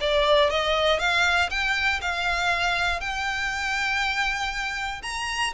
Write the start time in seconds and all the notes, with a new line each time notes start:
0.00 D5
0.50 D#5
0.99 F5
1.50 G5
2.01 F5
3.00 G5
5.02 A#5